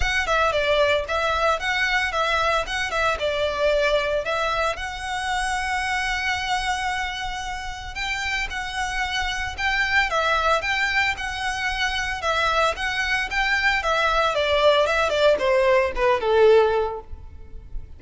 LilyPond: \new Staff \with { instrumentName = "violin" } { \time 4/4 \tempo 4 = 113 fis''8 e''8 d''4 e''4 fis''4 | e''4 fis''8 e''8 d''2 | e''4 fis''2.~ | fis''2. g''4 |
fis''2 g''4 e''4 | g''4 fis''2 e''4 | fis''4 g''4 e''4 d''4 | e''8 d''8 c''4 b'8 a'4. | }